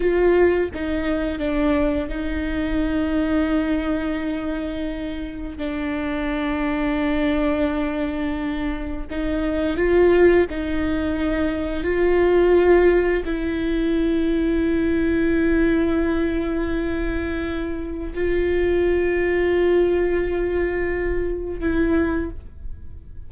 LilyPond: \new Staff \with { instrumentName = "viola" } { \time 4/4 \tempo 4 = 86 f'4 dis'4 d'4 dis'4~ | dis'1 | d'1~ | d'4 dis'4 f'4 dis'4~ |
dis'4 f'2 e'4~ | e'1~ | e'2 f'2~ | f'2. e'4 | }